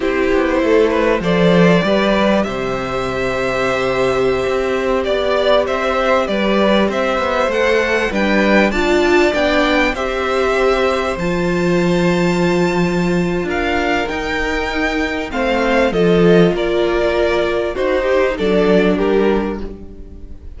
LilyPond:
<<
  \new Staff \with { instrumentName = "violin" } { \time 4/4 \tempo 4 = 98 c''2 d''2 | e''1~ | e''16 d''4 e''4 d''4 e''8.~ | e''16 fis''4 g''4 a''4 g''8.~ |
g''16 e''2 a''4.~ a''16~ | a''2 f''4 g''4~ | g''4 f''4 dis''4 d''4~ | d''4 c''4 d''4 ais'4 | }
  \new Staff \with { instrumentName = "violin" } { \time 4/4 g'4 a'8 b'8 c''4 b'4 | c''1~ | c''16 d''4 c''4 b'4 c''8.~ | c''4~ c''16 b'4 d''4.~ d''16~ |
d''16 c''2.~ c''8.~ | c''2 ais'2~ | ais'4 c''4 a'4 ais'4~ | ais'4 fis'8 g'8 a'4 g'4 | }
  \new Staff \with { instrumentName = "viola" } { \time 4/4 e'2 a'4 g'4~ | g'1~ | g'1~ | g'16 a'4 d'4 f'4 d'8.~ |
d'16 g'2 f'4.~ f'16~ | f'2. dis'4~ | dis'4 c'4 f'2~ | f'4 dis'4 d'2 | }
  \new Staff \with { instrumentName = "cello" } { \time 4/4 c'8 b8 a4 f4 g4 | c2.~ c16 c'8.~ | c'16 b4 c'4 g4 c'8 b16~ | b16 a4 g4 d'4 b8.~ |
b16 c'2 f4.~ f16~ | f2 d'4 dis'4~ | dis'4 a4 f4 ais4~ | ais4 dis'4 fis4 g4 | }
>>